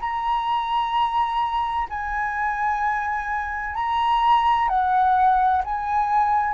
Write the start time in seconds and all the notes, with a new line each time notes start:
0.00 A#5
1.90 G#5
3.75 A#5
4.69 F#5
5.65 G#5